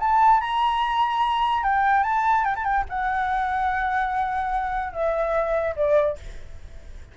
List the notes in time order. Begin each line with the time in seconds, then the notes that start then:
0.00 A5
0.41 A#5
1.63 G5
2.04 A5
2.45 G5
2.56 A5
2.65 G5
2.90 F#5
4.93 E5
5.77 D5